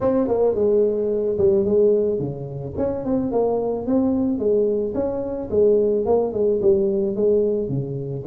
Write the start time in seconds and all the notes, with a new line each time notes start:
0.00 C4
0.27 A#3
0.55 G#3
1.38 G3
1.64 G#3
2.19 C#3
2.77 C#4
3.05 C4
3.31 A#3
3.86 C4
4.38 G#3
4.94 C#4
5.50 G#3
6.05 A#3
6.33 G#3
6.61 G3
7.15 G#3
7.68 C#3